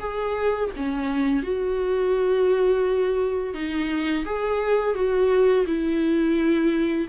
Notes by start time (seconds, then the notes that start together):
0.00 G#4
0.77 C#4
1.43 F#4
3.55 D#4
4.26 G#4
4.95 F#4
5.67 E4